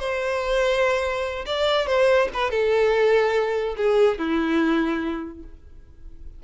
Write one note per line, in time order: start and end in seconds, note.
0.00 1.46 C5
1.46 1.87 D5
1.87 2.29 C5
2.34 2.51 B4
2.51 3.76 A4
3.77 4.19 G#4
4.19 5.44 E4